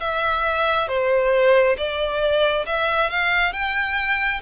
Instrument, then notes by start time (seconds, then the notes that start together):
violin
0.00 E5
0.88 C5
1.77 D5
2.66 E5
3.10 F5
3.53 G5